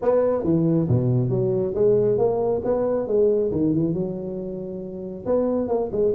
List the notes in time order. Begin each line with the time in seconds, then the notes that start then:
0.02 B3
0.43 E3
0.88 B2
1.29 F#3
1.74 G#3
2.17 A#3
2.64 B3
3.07 G#3
3.51 D#3
3.73 E3
3.93 F#3
5.25 B3
5.68 A#3
5.91 G#3